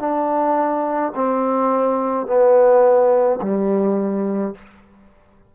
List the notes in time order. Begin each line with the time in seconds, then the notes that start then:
0.00 D4
1.15 C4
2.27 B3
3.42 G3